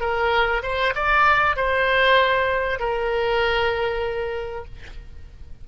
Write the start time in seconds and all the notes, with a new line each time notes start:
0.00 A#4
0.62 C5
0.95 D5
1.56 C5
2.79 A#4